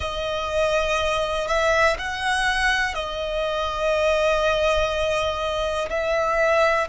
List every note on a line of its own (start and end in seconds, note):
0.00 1.48 D#5
1.48 1.97 E5
1.98 2.94 F#5
2.94 5.89 D#5
5.89 6.88 E5